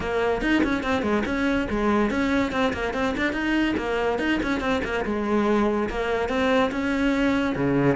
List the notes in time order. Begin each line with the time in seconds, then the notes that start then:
0.00 A#3
0.41 D#4
0.63 C#4
0.83 C4
1.02 G#3
1.25 C#4
1.69 G#3
2.10 C#4
2.52 C4
2.73 A#3
2.93 C4
3.17 D4
3.32 D#4
3.77 A#3
4.18 D#4
4.42 C#4
4.60 C4
4.84 A#3
5.05 G#3
5.89 A#3
6.28 C4
6.71 C#4
7.55 C#3